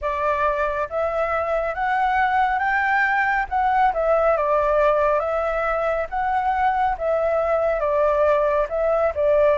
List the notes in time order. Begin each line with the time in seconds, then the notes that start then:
0.01 D5
0.89 E5
1.74 F#5
2.58 G5
3.49 F#5
3.93 E5
4.37 D5
5.19 E5
6.09 F#5
6.98 E5
7.79 D5
8.69 E5
9.14 D5